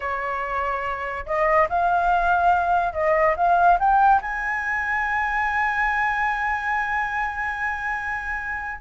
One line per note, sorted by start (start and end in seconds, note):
0.00 1.25 C#5
1.26 1.68 D#5
1.69 2.93 F5
2.93 3.35 D#5
3.36 3.78 F5
3.79 4.21 G5
4.21 8.81 G#5